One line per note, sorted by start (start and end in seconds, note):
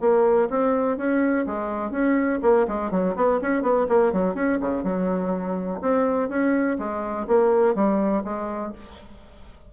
0.00 0.48 A#3
0.49 0.97 C4
0.97 1.45 C#4
1.46 1.90 G#3
1.90 2.39 C#4
2.42 2.66 A#3
2.67 2.91 G#3
2.91 3.15 F#3
3.15 3.40 B3
3.41 3.62 C#4
3.62 3.86 B3
3.88 4.12 A#3
4.12 4.34 F#3
4.34 4.59 C#4
4.60 4.83 C#3
4.83 5.80 F#3
5.81 6.29 C4
6.29 6.77 C#4
6.78 7.27 G#3
7.27 7.75 A#3
7.75 8.23 G3
8.24 8.72 G#3